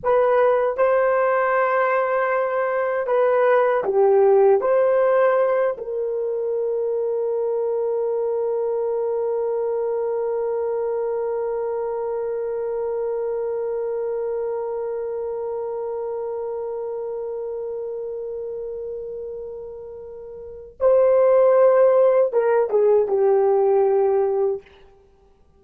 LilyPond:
\new Staff \with { instrumentName = "horn" } { \time 4/4 \tempo 4 = 78 b'4 c''2. | b'4 g'4 c''4. ais'8~ | ais'1~ | ais'1~ |
ais'1~ | ais'1~ | ais'2. c''4~ | c''4 ais'8 gis'8 g'2 | }